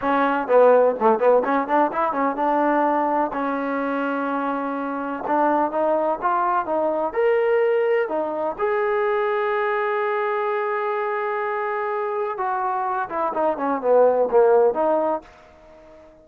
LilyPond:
\new Staff \with { instrumentName = "trombone" } { \time 4/4 \tempo 4 = 126 cis'4 b4 a8 b8 cis'8 d'8 | e'8 cis'8 d'2 cis'4~ | cis'2. d'4 | dis'4 f'4 dis'4 ais'4~ |
ais'4 dis'4 gis'2~ | gis'1~ | gis'2 fis'4. e'8 | dis'8 cis'8 b4 ais4 dis'4 | }